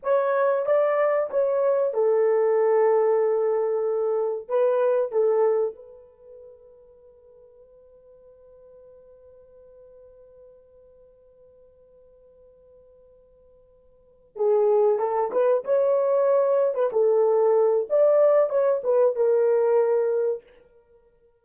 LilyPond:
\new Staff \with { instrumentName = "horn" } { \time 4/4 \tempo 4 = 94 cis''4 d''4 cis''4 a'4~ | a'2. b'4 | a'4 b'2.~ | b'1~ |
b'1~ | b'2~ b'8 gis'4 a'8 | b'8 cis''4.~ cis''16 b'16 a'4. | d''4 cis''8 b'8 ais'2 | }